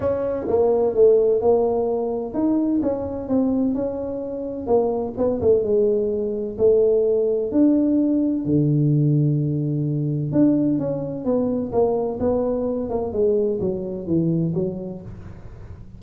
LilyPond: \new Staff \with { instrumentName = "tuba" } { \time 4/4 \tempo 4 = 128 cis'4 ais4 a4 ais4~ | ais4 dis'4 cis'4 c'4 | cis'2 ais4 b8 a8 | gis2 a2 |
d'2 d2~ | d2 d'4 cis'4 | b4 ais4 b4. ais8 | gis4 fis4 e4 fis4 | }